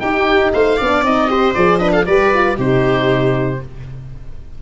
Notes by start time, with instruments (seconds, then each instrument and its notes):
0.00 tuba D#4, horn D#4, viola G4, oboe G5
0.53 tuba A3, viola C5, oboe F5
0.77 tuba B3, horn D4, viola D5
1.02 tuba C4, horn D#4, oboe D#5
1.29 horn G4, viola C5
1.54 tuba F3, horn G#4, oboe D5
1.78 horn D4, viola B4, oboe D#5
1.92 viola A4, oboe F5
2.06 tuba G3, horn G4, viola B4, oboe D5
2.34 horn F4
2.55 tuba C3, horn D#4, viola G4, oboe C5